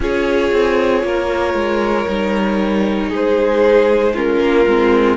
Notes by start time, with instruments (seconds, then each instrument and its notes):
0.00 cello C#4, viola F4, violin G#4 C#5
0.52 cello C4
1.03 cello A#3, violin A#4
1.53 cello G#3
2.07 cello G3, viola D#4
3.09 cello G#3, violin G#4 C5
4.14 viola C#4, violin F4 A#4
4.39 cello A#3
4.66 cello G#3, viola C4